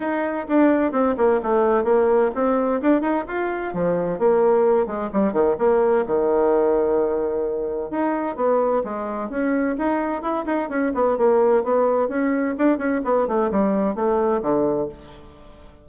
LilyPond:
\new Staff \with { instrumentName = "bassoon" } { \time 4/4 \tempo 4 = 129 dis'4 d'4 c'8 ais8 a4 | ais4 c'4 d'8 dis'8 f'4 | f4 ais4. gis8 g8 dis8 | ais4 dis2.~ |
dis4 dis'4 b4 gis4 | cis'4 dis'4 e'8 dis'8 cis'8 b8 | ais4 b4 cis'4 d'8 cis'8 | b8 a8 g4 a4 d4 | }